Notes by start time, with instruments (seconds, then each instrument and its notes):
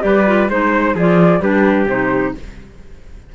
0.00 cello G3, clarinet G4, trumpet B4, flute D5
0.26 clarinet F4
0.48 cello G#3, clarinet D#4, trumpet C5, flute C5
0.95 cello F3, clarinet F4, trumpet G#4, flute D5
1.40 cello G3, clarinet D4, trumpet G4, flute B4
1.86 cello C3, clarinet D#4, flute C5